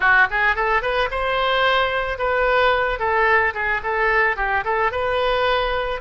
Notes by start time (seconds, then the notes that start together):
0.00 F#4
0.30 G#4
0.55 A4
0.82 B4
1.11 C5
2.18 B4
2.99 A4
3.54 G#4
3.83 A4
4.36 G4
4.64 A4
4.91 B4